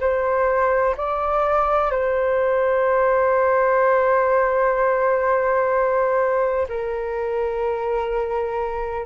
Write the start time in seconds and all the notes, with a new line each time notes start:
0.00 C5
0.97 D5
1.91 C5
6.68 A#4